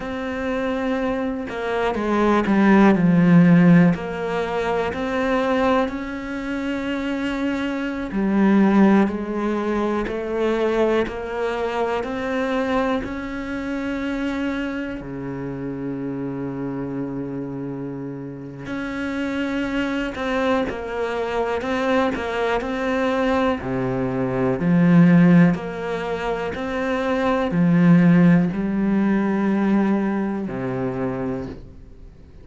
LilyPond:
\new Staff \with { instrumentName = "cello" } { \time 4/4 \tempo 4 = 61 c'4. ais8 gis8 g8 f4 | ais4 c'4 cis'2~ | cis'16 g4 gis4 a4 ais8.~ | ais16 c'4 cis'2 cis8.~ |
cis2. cis'4~ | cis'8 c'8 ais4 c'8 ais8 c'4 | c4 f4 ais4 c'4 | f4 g2 c4 | }